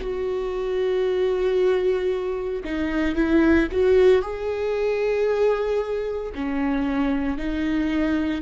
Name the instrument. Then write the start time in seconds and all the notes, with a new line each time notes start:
viola
0.00 F#4
2.64 D#4
3.15 E4
3.71 F#4
4.22 G#4
6.35 C#4
7.38 D#4